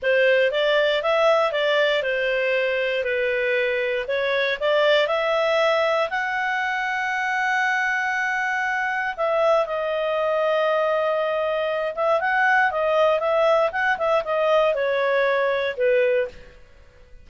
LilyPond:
\new Staff \with { instrumentName = "clarinet" } { \time 4/4 \tempo 4 = 118 c''4 d''4 e''4 d''4 | c''2 b'2 | cis''4 d''4 e''2 | fis''1~ |
fis''2 e''4 dis''4~ | dis''2.~ dis''8 e''8 | fis''4 dis''4 e''4 fis''8 e''8 | dis''4 cis''2 b'4 | }